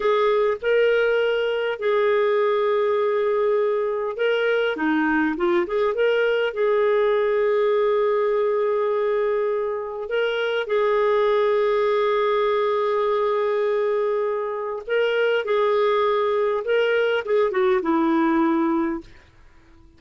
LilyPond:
\new Staff \with { instrumentName = "clarinet" } { \time 4/4 \tempo 4 = 101 gis'4 ais'2 gis'4~ | gis'2. ais'4 | dis'4 f'8 gis'8 ais'4 gis'4~ | gis'1~ |
gis'4 ais'4 gis'2~ | gis'1~ | gis'4 ais'4 gis'2 | ais'4 gis'8 fis'8 e'2 | }